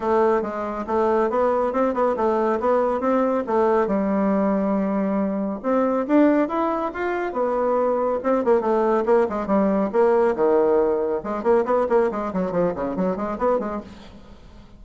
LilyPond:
\new Staff \with { instrumentName = "bassoon" } { \time 4/4 \tempo 4 = 139 a4 gis4 a4 b4 | c'8 b8 a4 b4 c'4 | a4 g2.~ | g4 c'4 d'4 e'4 |
f'4 b2 c'8 ais8 | a4 ais8 gis8 g4 ais4 | dis2 gis8 ais8 b8 ais8 | gis8 fis8 f8 cis8 fis8 gis8 b8 gis8 | }